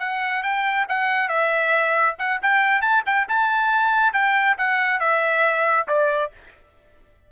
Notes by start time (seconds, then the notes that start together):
0.00 F#5
0.43 G5
0.89 F#5
1.29 E5
2.19 F#5
2.42 G5
2.82 A5
3.06 G5
3.29 A5
4.13 G5
4.58 F#5
5.00 E5
5.88 D5